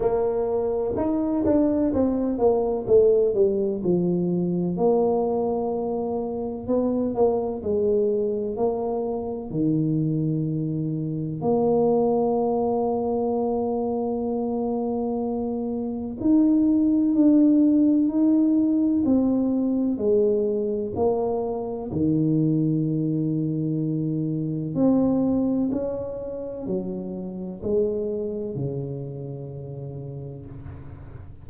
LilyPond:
\new Staff \with { instrumentName = "tuba" } { \time 4/4 \tempo 4 = 63 ais4 dis'8 d'8 c'8 ais8 a8 g8 | f4 ais2 b8 ais8 | gis4 ais4 dis2 | ais1~ |
ais4 dis'4 d'4 dis'4 | c'4 gis4 ais4 dis4~ | dis2 c'4 cis'4 | fis4 gis4 cis2 | }